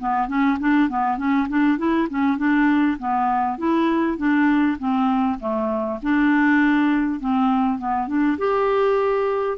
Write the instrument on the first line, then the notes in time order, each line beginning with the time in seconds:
clarinet
0.00 B3
0.29 C#4
0.60 D4
0.89 B3
1.18 C#4
1.49 D4
1.78 E4
2.10 C#4
2.38 D4
2.99 B3
3.58 E4
4.18 D4
4.79 C4
5.40 A3
6.03 D4
7.21 C4
7.79 B3
8.08 D4
8.38 G4